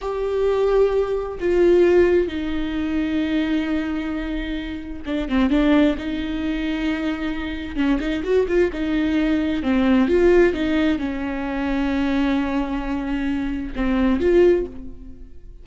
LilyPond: \new Staff \with { instrumentName = "viola" } { \time 4/4 \tempo 4 = 131 g'2. f'4~ | f'4 dis'2.~ | dis'2. d'8 c'8 | d'4 dis'2.~ |
dis'4 cis'8 dis'8 fis'8 f'8 dis'4~ | dis'4 c'4 f'4 dis'4 | cis'1~ | cis'2 c'4 f'4 | }